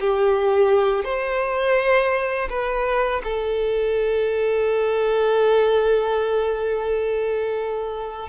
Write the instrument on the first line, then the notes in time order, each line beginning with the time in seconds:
violin
0.00 G4
1.04 C5
2.49 B4
3.24 A4